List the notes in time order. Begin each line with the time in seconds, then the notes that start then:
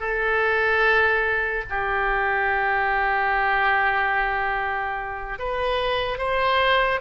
0.00 A4
1.70 G4
5.39 B4
6.18 C5